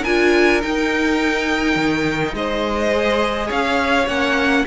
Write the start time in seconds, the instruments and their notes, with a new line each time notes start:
0.00 cello D4, viola F4, violin A#4 G#5
0.62 viola D#4, cello D#4, violin G5
1.76 cello D#3
2.34 cello G#3, violin C5 D#5
2.91 viola G#4
3.47 cello C#4, violin C#5 F5
4.07 cello A#3, viola C#4, violin F#5